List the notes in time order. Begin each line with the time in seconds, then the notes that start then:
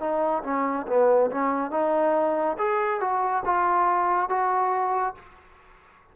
0.00 D#4
0.44 C#4
0.88 B3
1.31 C#4
1.71 D#4
2.58 G#4
3.01 F#4
3.45 F4
4.29 F#4